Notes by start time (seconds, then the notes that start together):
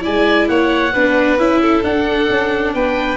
0.00 G#3 E4 D5 G#5
0.48 A#3 C#5 F#5
0.93 B3 D4 B4
1.37 C#4 E4 E5
1.61 A4
1.83 D4 F#5
2.29 C#4
2.73 B3 B4 G5